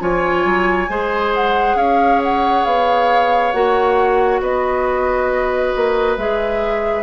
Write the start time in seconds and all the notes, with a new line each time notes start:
0.00 F3 F4 C#5 G#5
0.45 F#3
0.89 G#3 G#4 C5
1.34 F#5
1.75 C#4 C#5 F5
2.24 F#5
2.65 B3 F5
3.52 A#3 F#4 F#5
4.41 B3 B4 D#5
5.76 A#3
6.18 G#3 G#4 E5